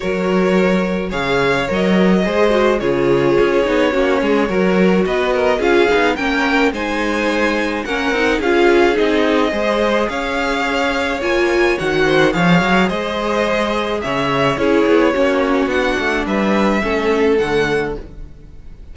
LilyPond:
<<
  \new Staff \with { instrumentName = "violin" } { \time 4/4 \tempo 4 = 107 cis''2 f''4 dis''4~ | dis''4 cis''2.~ | cis''4 dis''4 f''4 g''4 | gis''2 fis''4 f''4 |
dis''2 f''2 | gis''4 fis''4 f''4 dis''4~ | dis''4 e''4 cis''2 | fis''4 e''2 fis''4 | }
  \new Staff \with { instrumentName = "violin" } { \time 4/4 ais'2 cis''2 | c''4 gis'2 fis'8 gis'8 | ais'4 b'8 ais'8 gis'4 ais'4 | c''2 ais'4 gis'4~ |
gis'4 c''4 cis''2~ | cis''4. c''8 cis''4 c''4~ | c''4 cis''4 gis'4 fis'4~ | fis'4 b'4 a'2 | }
  \new Staff \with { instrumentName = "viola" } { \time 4/4 fis'2 gis'4 ais'4 | gis'8 fis'8 f'4. dis'8 cis'4 | fis'2 f'8 dis'8 cis'4 | dis'2 cis'8 dis'8 f'4 |
dis'4 gis'2. | f'4 fis'4 gis'2~ | gis'2 e'4 cis'4 | d'2 cis'4 a4 | }
  \new Staff \with { instrumentName = "cello" } { \time 4/4 fis2 cis4 fis4 | gis4 cis4 cis'8 b8 ais8 gis8 | fis4 b4 cis'8 b8 ais4 | gis2 ais8 c'8 cis'4 |
c'4 gis4 cis'2 | ais4 dis4 f8 fis8 gis4~ | gis4 cis4 cis'8 b8 ais4 | b8 a8 g4 a4 d4 | }
>>